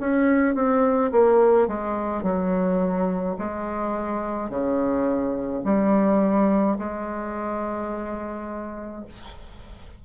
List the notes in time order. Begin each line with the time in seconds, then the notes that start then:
0.00 C#4
0.55 C4
1.12 A#3
1.68 G#3
2.23 F#3
3.39 G#3
4.50 C#3
5.64 G3
6.78 G#3